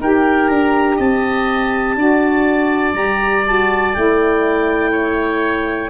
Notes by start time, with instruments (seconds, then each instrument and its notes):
0.00 tuba D#4, saxophone G4, oboe A#4, clarinet G5
0.48 tuba D4, clarinet A#5
0.96 tuba C4, oboe D#5, clarinet A5
1.96 tuba D4, saxophone F#4, oboe D5
2.93 tuba G3, saxophone G4, clarinet A#5
3.47 saxophone F#4, clarinet A5
3.94 tuba A3, saxophone E4, clarinet G5
4.92 oboe C#5